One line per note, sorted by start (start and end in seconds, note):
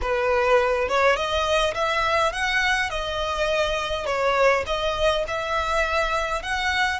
0.01 0.88 B4
0.88 1.15 C#5
1.15 1.74 D#5
1.74 2.32 E5
2.32 2.90 F#5
2.90 4.05 D#5
4.05 4.64 C#5
4.66 5.24 D#5
5.27 6.42 E5
6.42 7.00 F#5